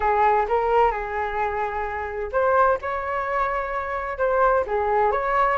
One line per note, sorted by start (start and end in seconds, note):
0.00 0.46 G#4
0.48 0.91 A#4
0.91 2.30 G#4
2.32 2.78 C5
2.81 4.18 C#5
4.18 4.64 C5
4.66 5.11 G#4
5.11 5.58 C#5